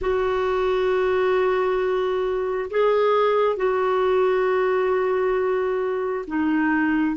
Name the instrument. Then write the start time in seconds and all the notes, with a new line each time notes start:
clarinet
0.01 F#4
2.70 G#4
3.56 F#4
6.27 D#4